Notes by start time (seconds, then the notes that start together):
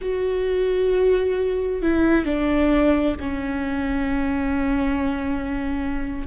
0.01 F#4
1.82 E4
2.25 D4
3.20 C#4